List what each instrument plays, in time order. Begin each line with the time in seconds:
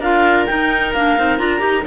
0.00 cello D4, clarinet F4 F5, oboe A#4
0.46 clarinet D#4 G5, cello D#4
0.93 cello A#3, clarinet D4 F5
1.17 cello C4, clarinet D#4
1.38 cello D4, clarinet F4 A#5
1.58 cello D#4, clarinet G4